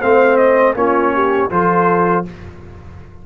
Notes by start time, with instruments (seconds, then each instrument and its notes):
0.00 tuba A3, trombone C4, horn C5, trumpet F5
0.36 trumpet D#5
0.75 tuba A#3, trombone C#4, horn F4, trumpet C#5
1.14 horn G4
1.50 tuba F3, trombone F4, horn A4, trumpet C5